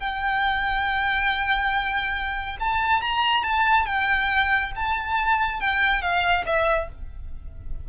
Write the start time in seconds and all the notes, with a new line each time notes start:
0.00 G5
2.60 A5
3.01 A#5
3.44 A5
3.86 G5
4.76 A5
5.61 G5
6.02 F5
6.46 E5